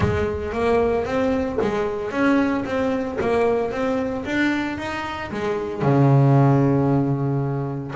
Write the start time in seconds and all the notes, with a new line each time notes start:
0.00 G#3
0.52 A#3
1.05 C4
1.61 G#3
2.11 C#4
2.65 C4
3.20 A#3
3.71 C4
4.25 D4
4.77 D#4
5.31 G#3
5.81 C#3